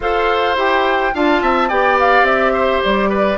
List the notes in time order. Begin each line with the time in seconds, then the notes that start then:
0.00 F4 A4 C5 F5
0.54 E4 G4 G5
1.14 D4 F4 F5 A5
1.42 C4 E5
1.68 B3 G4 D5 G5
1.99 F5
2.22 C4 E5
2.53 C5
2.83 G3 D5
3.09 B4